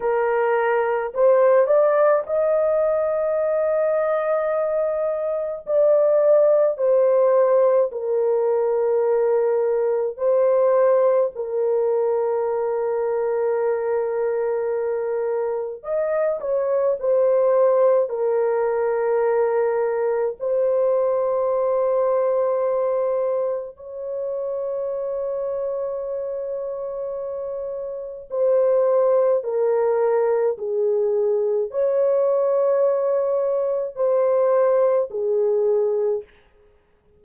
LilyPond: \new Staff \with { instrumentName = "horn" } { \time 4/4 \tempo 4 = 53 ais'4 c''8 d''8 dis''2~ | dis''4 d''4 c''4 ais'4~ | ais'4 c''4 ais'2~ | ais'2 dis''8 cis''8 c''4 |
ais'2 c''2~ | c''4 cis''2.~ | cis''4 c''4 ais'4 gis'4 | cis''2 c''4 gis'4 | }